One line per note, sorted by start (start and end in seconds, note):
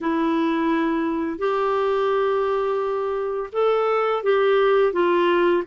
0.00 1.38 E4
1.38 3.50 G4
3.52 4.23 A4
4.23 4.92 G4
4.92 5.63 F4